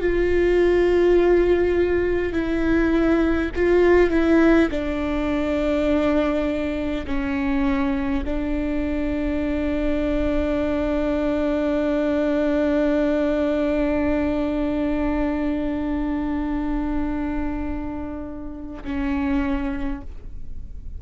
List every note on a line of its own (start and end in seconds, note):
0.00 2.33 F4
2.33 3.50 E4
3.55 4.10 F4
4.10 4.69 E4
4.71 7.06 D4
7.06 8.24 C#4
8.25 18.83 D4
18.83 20.01 C#4